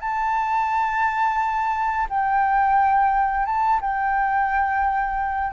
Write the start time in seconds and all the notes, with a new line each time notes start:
0.00 A5
2.09 G5
3.45 A5
3.81 G5